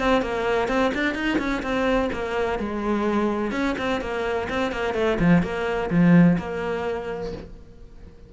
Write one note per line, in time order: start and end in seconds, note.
0.00 0.22 C4
0.22 0.69 A#3
0.69 0.92 C4
0.95 1.15 D4
1.15 1.39 D#4
1.39 1.63 C#4
1.63 2.10 C4
2.13 2.59 A#3
2.59 3.52 G#3
3.52 3.76 C#4
3.79 4.01 C4
4.01 4.49 A#3
4.50 4.72 C4
4.72 4.95 A#3
4.95 5.18 A3
5.20 5.43 F3
5.43 5.90 A#3
5.91 6.38 F3
6.38 7.33 A#3